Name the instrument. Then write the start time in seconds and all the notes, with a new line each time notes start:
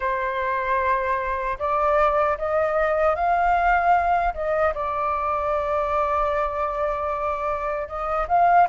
flute
0.00 C5
1.58 D5
2.38 D#5
3.15 F5
4.34 D#5
4.74 D5
7.87 D#5
8.28 F5